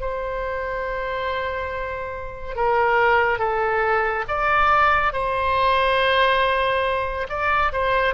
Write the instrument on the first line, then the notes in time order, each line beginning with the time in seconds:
oboe
0.00 C5
2.56 A#4
3.38 A4
4.28 D5
5.13 C5
7.29 D5
7.72 C5